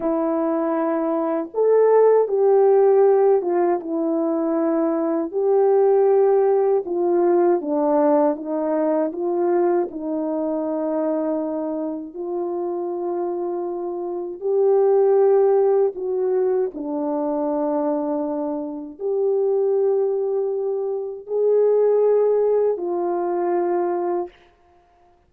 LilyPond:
\new Staff \with { instrumentName = "horn" } { \time 4/4 \tempo 4 = 79 e'2 a'4 g'4~ | g'8 f'8 e'2 g'4~ | g'4 f'4 d'4 dis'4 | f'4 dis'2. |
f'2. g'4~ | g'4 fis'4 d'2~ | d'4 g'2. | gis'2 f'2 | }